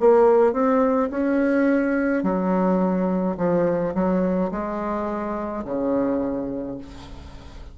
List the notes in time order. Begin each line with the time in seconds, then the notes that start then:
0.00 A#3
0.53 C4
1.11 C#4
2.23 F#3
3.38 F3
3.94 F#3
4.51 G#3
5.65 C#3